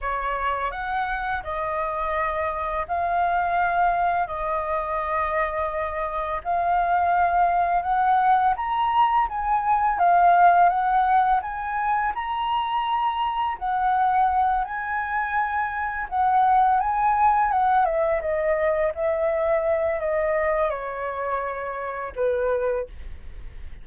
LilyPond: \new Staff \with { instrumentName = "flute" } { \time 4/4 \tempo 4 = 84 cis''4 fis''4 dis''2 | f''2 dis''2~ | dis''4 f''2 fis''4 | ais''4 gis''4 f''4 fis''4 |
gis''4 ais''2 fis''4~ | fis''8 gis''2 fis''4 gis''8~ | gis''8 fis''8 e''8 dis''4 e''4. | dis''4 cis''2 b'4 | }